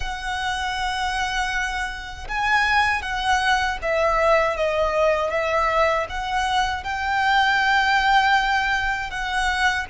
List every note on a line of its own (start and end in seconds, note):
0.00 2.27 F#5
2.28 3.02 G#5
3.02 3.78 F#5
3.82 4.56 E5
4.56 5.30 D#5
5.30 6.06 E5
6.09 6.84 F#5
6.84 9.10 G5
9.10 9.86 F#5